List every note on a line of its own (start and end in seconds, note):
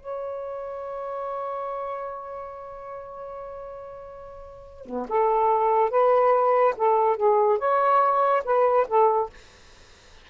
0.00 4.86 C#5
4.86 5.07 B3
5.09 5.90 A4
5.90 6.75 B4
6.77 7.16 A4
7.16 7.59 G#4
7.59 8.43 C#5
8.45 8.87 B4
8.88 9.30 A4